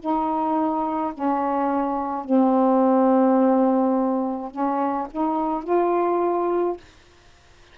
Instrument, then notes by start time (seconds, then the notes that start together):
saxophone
0.00 D#4
1.14 C#4
2.25 C4
4.51 C#4
5.11 D#4
5.64 F4